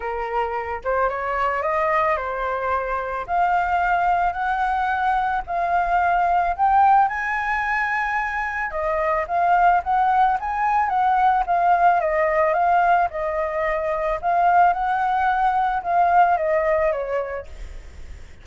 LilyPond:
\new Staff \with { instrumentName = "flute" } { \time 4/4 \tempo 4 = 110 ais'4. c''8 cis''4 dis''4 | c''2 f''2 | fis''2 f''2 | g''4 gis''2. |
dis''4 f''4 fis''4 gis''4 | fis''4 f''4 dis''4 f''4 | dis''2 f''4 fis''4~ | fis''4 f''4 dis''4 cis''4 | }